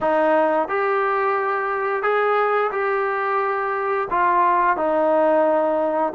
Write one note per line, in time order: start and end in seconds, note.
0.01 0.68 D#4
0.68 2.02 G4
2.02 2.71 G#4
2.71 4.08 G4
4.10 4.76 F4
4.76 6.13 D#4